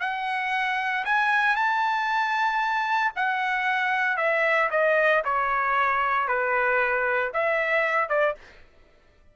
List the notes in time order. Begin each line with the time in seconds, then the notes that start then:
0.00 F#5
1.05 G#5
1.56 A5
3.16 F#5
4.17 E5
4.70 D#5
5.24 C#5
6.28 B4
7.33 E5
8.09 D5